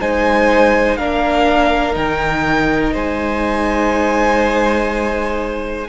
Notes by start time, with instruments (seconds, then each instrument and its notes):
0.00 cello G#3, viola D#4, violin C5 G#5
0.97 cello A#3, viola D4, violin A#4 F5
1.93 cello D#3, viola D#4, violin G5
2.93 cello G#3, violin C5 G#5